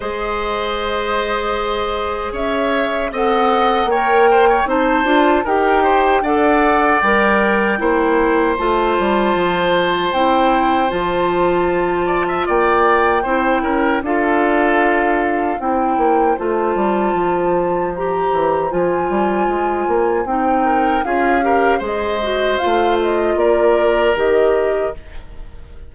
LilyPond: <<
  \new Staff \with { instrumentName = "flute" } { \time 4/4 \tempo 4 = 77 dis''2. e''4 | fis''4 g''4 a''4 g''4 | fis''4 g''2 a''4~ | a''4 g''4 a''2 |
g''2 f''2 | g''4 a''2 ais''4 | gis''2 g''4 f''4 | dis''4 f''8 dis''8 d''4 dis''4 | }
  \new Staff \with { instrumentName = "oboe" } { \time 4/4 c''2. cis''4 | dis''4 cis''8 c''16 cis''16 c''4 ais'8 c''8 | d''2 c''2~ | c''2.~ c''8 d''16 e''16 |
d''4 c''8 ais'8 a'2 | c''1~ | c''2~ c''8 ais'8 gis'8 ais'8 | c''2 ais'2 | }
  \new Staff \with { instrumentName = "clarinet" } { \time 4/4 gis'1 | a'4 ais'4 dis'8 f'8 g'4 | a'4 ais'4 e'4 f'4~ | f'4 e'4 f'2~ |
f'4 e'4 f'2 | e'4 f'2 g'4 | f'2 dis'4 f'8 g'8 | gis'8 fis'8 f'2 g'4 | }
  \new Staff \with { instrumentName = "bassoon" } { \time 4/4 gis2. cis'4 | c'4 ais4 c'8 d'8 dis'4 | d'4 g4 ais4 a8 g8 | f4 c'4 f2 |
ais4 c'8 cis'8 d'2 | c'8 ais8 a8 g8 f4. e8 | f8 g8 gis8 ais8 c'4 cis'4 | gis4 a4 ais4 dis4 | }
>>